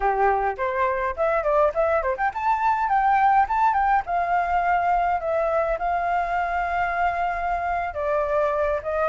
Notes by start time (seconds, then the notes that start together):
0.00 G4
0.57 C5
1.16 E5
1.43 D5
1.74 E5
2.02 C5
2.17 G5
2.33 A5
2.88 G5
3.48 A5
3.73 G5
4.05 F5
5.20 E5
5.78 F5
7.94 D5
8.82 D#5